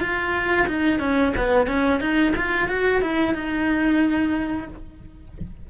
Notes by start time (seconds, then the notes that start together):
0.00 F4
0.67 D#4
0.99 C#4
1.37 B3
1.67 C#4
2.00 D#4
2.36 F4
2.68 F#4
3.01 E4
3.34 D#4